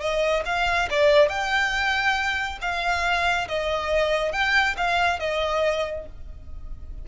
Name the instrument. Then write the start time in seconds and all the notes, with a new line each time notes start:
violin
0.00 D#5
0.45 F5
0.90 D5
1.29 G5
2.61 F5
3.48 D#5
4.32 G5
4.77 F5
5.19 D#5